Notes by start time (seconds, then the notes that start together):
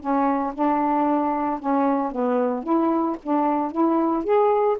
0.00 C#4
0.54 D4
1.59 C#4
2.11 B3
2.63 E4
3.23 D4
3.71 E4
4.24 G#4